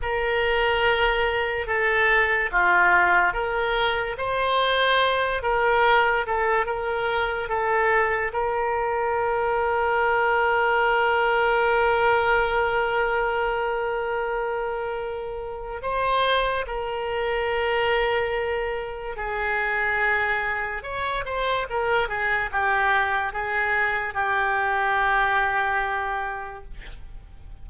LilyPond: \new Staff \with { instrumentName = "oboe" } { \time 4/4 \tempo 4 = 72 ais'2 a'4 f'4 | ais'4 c''4. ais'4 a'8 | ais'4 a'4 ais'2~ | ais'1~ |
ais'2. c''4 | ais'2. gis'4~ | gis'4 cis''8 c''8 ais'8 gis'8 g'4 | gis'4 g'2. | }